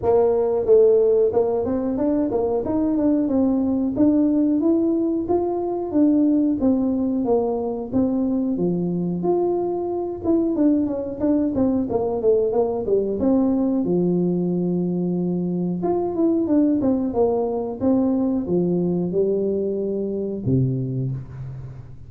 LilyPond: \new Staff \with { instrumentName = "tuba" } { \time 4/4 \tempo 4 = 91 ais4 a4 ais8 c'8 d'8 ais8 | dis'8 d'8 c'4 d'4 e'4 | f'4 d'4 c'4 ais4 | c'4 f4 f'4. e'8 |
d'8 cis'8 d'8 c'8 ais8 a8 ais8 g8 | c'4 f2. | f'8 e'8 d'8 c'8 ais4 c'4 | f4 g2 c4 | }